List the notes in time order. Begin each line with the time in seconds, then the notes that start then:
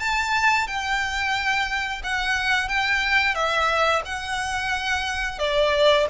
0.00 A5
0.67 G5
2.04 F#5
2.69 G5
3.35 E5
4.06 F#5
5.39 D5